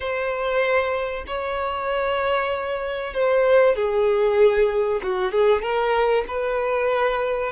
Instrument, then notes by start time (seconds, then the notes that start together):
violin
0.00 C5
1.26 C#5
3.13 C5
3.75 G#4
5.02 F#4
5.32 G#4
5.62 A#4
6.27 B4